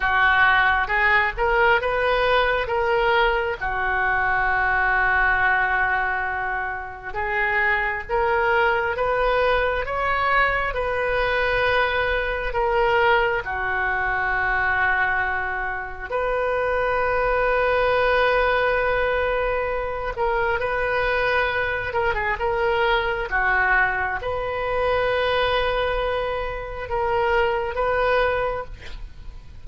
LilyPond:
\new Staff \with { instrumentName = "oboe" } { \time 4/4 \tempo 4 = 67 fis'4 gis'8 ais'8 b'4 ais'4 | fis'1 | gis'4 ais'4 b'4 cis''4 | b'2 ais'4 fis'4~ |
fis'2 b'2~ | b'2~ b'8 ais'8 b'4~ | b'8 ais'16 gis'16 ais'4 fis'4 b'4~ | b'2 ais'4 b'4 | }